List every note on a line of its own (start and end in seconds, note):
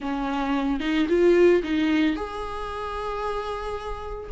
0.00 0.80 C#4
0.80 1.06 D#4
1.08 1.62 F4
1.63 2.16 D#4
2.16 4.30 G#4